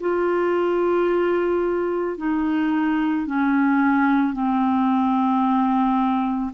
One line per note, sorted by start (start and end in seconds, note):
0.00 2.17 F4
2.17 3.26 D#4
3.26 4.33 C#4
4.33 6.51 C4